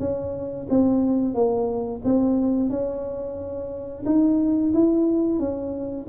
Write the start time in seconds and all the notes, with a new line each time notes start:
0.00 C#4
0.70 C4
1.35 A#3
2.05 C4
2.70 C#4
4.06 D#4
4.74 E4
5.40 C#4